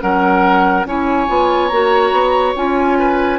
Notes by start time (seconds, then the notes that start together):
0.00 F#3 C#4 A#4 F#5
0.85 C#4 E4 C#5 G#5
1.27 B3 F4
1.68 A#3 F#4 A#5
2.12 B3
2.55 C#4 F4 G#5
2.99 B4